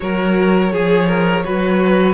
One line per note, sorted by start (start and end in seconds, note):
0.00 0.73 F#3
0.00 0.71 F#4
0.00 0.72 A#4
0.00 2.14 C#5
0.72 1.45 F3
0.72 1.07 G#4
0.72 1.44 G#4
1.07 1.43 A#4
1.44 2.14 F#3
1.44 2.14 F#4
1.44 2.14 B4